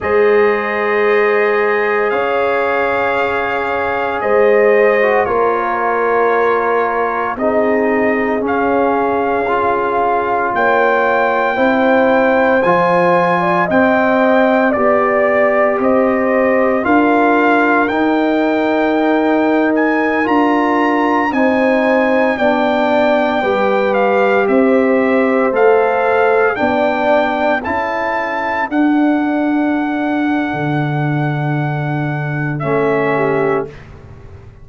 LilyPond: <<
  \new Staff \with { instrumentName = "trumpet" } { \time 4/4 \tempo 4 = 57 dis''2 f''2 | dis''4 cis''2 dis''4 | f''2 g''2 | gis''4 g''4 d''4 dis''4 |
f''4 g''4.~ g''16 gis''8 ais''8.~ | ais''16 gis''4 g''4. f''8 e''8.~ | e''16 f''4 g''4 a''4 fis''8.~ | fis''2. e''4 | }
  \new Staff \with { instrumentName = "horn" } { \time 4/4 c''2 cis''2 | c''4 ais'2 gis'4~ | gis'2 cis''4 c''4~ | c''8. d''16 dis''4 d''4 c''4 |
ais'1~ | ais'16 c''4 d''4 b'4 c''8.~ | c''4~ c''16 d''4 a'4.~ a'16~ | a'2.~ a'8 g'8 | }
  \new Staff \with { instrumentName = "trombone" } { \time 4/4 gis'1~ | gis'8. fis'16 f'2 dis'4 | cis'4 f'2 e'4 | f'4 c'4 g'2 |
f'4 dis'2~ dis'16 f'8.~ | f'16 dis'4 d'4 g'4.~ g'16~ | g'16 a'4 d'4 e'4 d'8.~ | d'2. cis'4 | }
  \new Staff \with { instrumentName = "tuba" } { \time 4/4 gis2 cis'2 | gis4 ais2 c'4 | cis'2 ais4 c'4 | f4 c'4 b4 c'4 |
d'4 dis'2~ dis'16 d'8.~ | d'16 c'4 b4 g4 c'8.~ | c'16 a4 b4 cis'4 d'8.~ | d'4 d2 a4 | }
>>